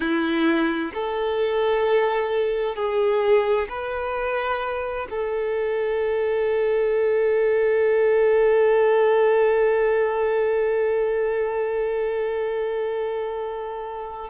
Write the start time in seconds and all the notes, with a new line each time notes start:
0.00 E4
0.94 A4
2.75 G#4
3.68 B4
5.09 A4